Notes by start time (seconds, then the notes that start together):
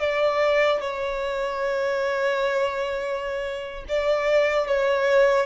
0.00 D5
0.81 C#5
3.88 D5
4.67 C#5